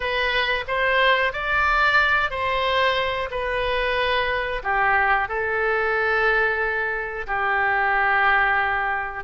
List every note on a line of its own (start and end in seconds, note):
0.00 0.64 B4
0.67 1.32 C5
1.32 2.30 D5
2.30 3.29 C5
3.30 4.62 B4
4.63 5.28 G4
5.28 7.26 A4
7.26 9.24 G4